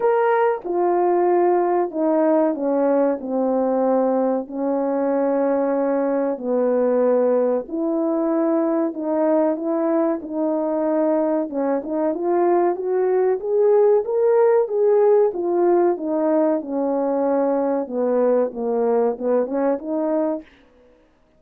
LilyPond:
\new Staff \with { instrumentName = "horn" } { \time 4/4 \tempo 4 = 94 ais'4 f'2 dis'4 | cis'4 c'2 cis'4~ | cis'2 b2 | e'2 dis'4 e'4 |
dis'2 cis'8 dis'8 f'4 | fis'4 gis'4 ais'4 gis'4 | f'4 dis'4 cis'2 | b4 ais4 b8 cis'8 dis'4 | }